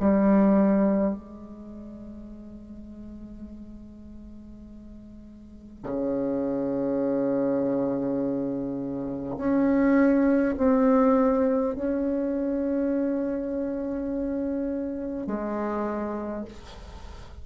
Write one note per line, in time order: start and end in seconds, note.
0.00 1.14 G3
1.14 5.83 G#3
5.83 9.36 C#3
9.37 10.55 C#4
10.58 11.75 C4
11.75 15.27 C#4
15.27 16.45 G#3